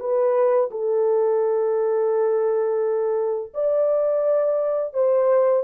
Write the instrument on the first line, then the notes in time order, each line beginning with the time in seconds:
horn
0.00 B4
0.71 A4
3.54 D5
4.94 C5